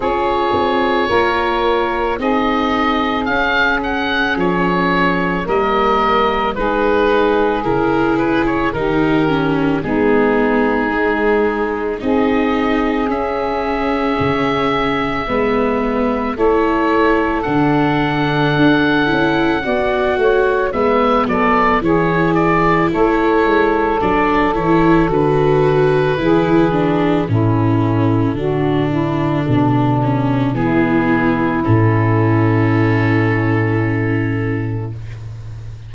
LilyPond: <<
  \new Staff \with { instrumentName = "oboe" } { \time 4/4 \tempo 4 = 55 cis''2 dis''4 f''8 fis''8 | cis''4 dis''4 b'4 ais'8 b'16 cis''16 | ais'4 gis'2 dis''4 | e''2. cis''4 |
fis''2. e''8 d''8 | cis''8 d''8 cis''4 d''8 cis''8 b'4~ | b'4 a'2. | gis'4 a'2. | }
  \new Staff \with { instrumentName = "saxophone" } { \time 4/4 gis'4 ais'4 gis'2~ | gis'4 ais'4 gis'2 | g'4 dis'2 gis'4~ | gis'2 b'4 a'4~ |
a'2 d''8 cis''8 b'8 a'8 | gis'4 a'2. | gis'4 e'4 fis'8 e'8 d'4 | e'1 | }
  \new Staff \with { instrumentName = "viola" } { \time 4/4 f'2 dis'4 cis'4~ | cis'4 ais4 dis'4 e'4 | dis'8 cis'8 b4 gis4 dis'4 | cis'2 b4 e'4 |
d'4. e'8 fis'4 b4 | e'2 d'8 e'8 fis'4 | e'8 d'8 cis'4 d'4. cis'8 | b4 cis'2. | }
  \new Staff \with { instrumentName = "tuba" } { \time 4/4 cis'8 c'8 ais4 c'4 cis'4 | f4 g4 gis4 cis4 | dis4 gis2 c'4 | cis'4 cis4 gis4 a4 |
d4 d'8 cis'8 b8 a8 gis8 fis8 | e4 a8 gis8 fis8 e8 d4 | e4 a,4 d4 b,4 | e4 a,2. | }
>>